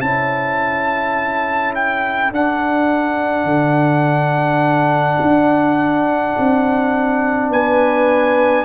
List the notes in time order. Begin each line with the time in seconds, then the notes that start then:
0.00 C#4 E4 A4 A5
1.74 G5
2.31 D4 F#5
3.44 D3
5.20 D4
6.38 C4
7.50 B3 B4 G#5